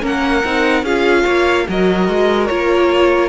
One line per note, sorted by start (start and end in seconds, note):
0.00 0.43 A#3
0.00 0.41 C#4
0.00 0.84 A#4
0.06 0.85 F#5
0.44 0.83 C4
0.44 0.85 D#4
0.83 1.24 C#4
0.83 1.67 F4
0.83 1.23 G#4
0.83 1.67 F5
1.23 1.67 A#3
1.23 1.64 C#5
1.68 2.08 F#3
1.68 2.49 F#4
1.68 3.29 A#4
1.68 2.47 D#5
2.08 2.49 G#3
2.47 3.29 A#3
2.47 3.29 F4
2.47 3.29 C#5